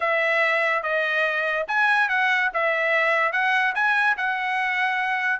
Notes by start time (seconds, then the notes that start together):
0.00 E5
0.82 D#5
1.67 G#5
2.08 F#5
2.53 E5
3.32 F#5
3.75 G#5
4.17 F#5